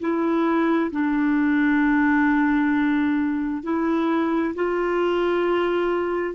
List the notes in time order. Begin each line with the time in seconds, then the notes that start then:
0.00 E4
0.91 D4
3.63 E4
4.55 F4